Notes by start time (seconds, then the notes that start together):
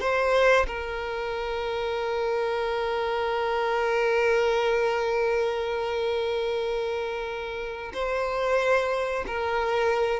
0.00 C5
0.67 A#4
7.93 C5
9.27 A#4